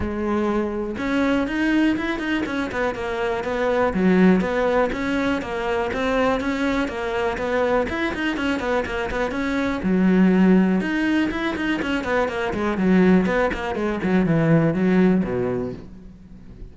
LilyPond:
\new Staff \with { instrumentName = "cello" } { \time 4/4 \tempo 4 = 122 gis2 cis'4 dis'4 | e'8 dis'8 cis'8 b8 ais4 b4 | fis4 b4 cis'4 ais4 | c'4 cis'4 ais4 b4 |
e'8 dis'8 cis'8 b8 ais8 b8 cis'4 | fis2 dis'4 e'8 dis'8 | cis'8 b8 ais8 gis8 fis4 b8 ais8 | gis8 fis8 e4 fis4 b,4 | }